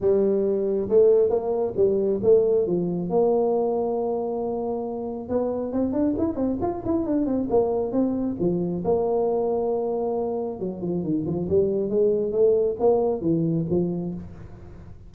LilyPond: \new Staff \with { instrumentName = "tuba" } { \time 4/4 \tempo 4 = 136 g2 a4 ais4 | g4 a4 f4 ais4~ | ais1 | b4 c'8 d'8 e'8 c'8 f'8 e'8 |
d'8 c'8 ais4 c'4 f4 | ais1 | fis8 f8 dis8 f8 g4 gis4 | a4 ais4 e4 f4 | }